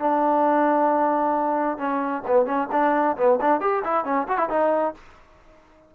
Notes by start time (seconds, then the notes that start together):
0.00 D4
1.78 C#4
2.27 B3
2.46 C#4
2.72 D4
3.17 B3
3.41 D4
3.61 G4
3.84 E4
4.05 C#4
4.28 F#4
4.38 E4
4.49 D#4